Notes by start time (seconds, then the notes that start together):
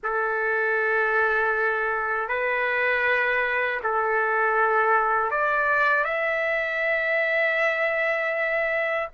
0.03 A4
2.28 B4
3.83 A4
5.30 D5
6.04 E5